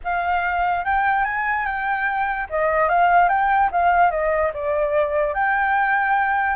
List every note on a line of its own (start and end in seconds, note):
0.04 0.85 F5
0.85 1.24 G5
1.24 1.65 G#5
1.65 2.47 G5
2.49 2.89 D#5
2.89 3.28 F5
3.28 3.69 G5
3.71 4.10 F5
4.10 4.51 D#5
4.53 5.34 D5
5.34 6.55 G5